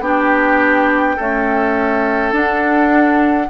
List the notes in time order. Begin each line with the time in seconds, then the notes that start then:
0.00 B3 D4 G4 G5
1.16 A3 C#4 A4
2.32 D4 F#5